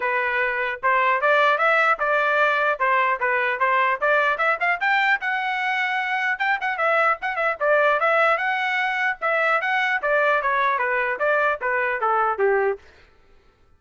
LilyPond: \new Staff \with { instrumentName = "trumpet" } { \time 4/4 \tempo 4 = 150 b'2 c''4 d''4 | e''4 d''2 c''4 | b'4 c''4 d''4 e''8 f''8 | g''4 fis''2. |
g''8 fis''8 e''4 fis''8 e''8 d''4 | e''4 fis''2 e''4 | fis''4 d''4 cis''4 b'4 | d''4 b'4 a'4 g'4 | }